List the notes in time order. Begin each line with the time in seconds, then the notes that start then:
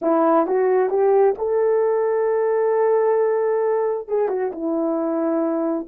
0.01 E4
0.46 F#4
0.89 G4
1.38 A4
4.08 G#4
4.28 F#4
4.52 E4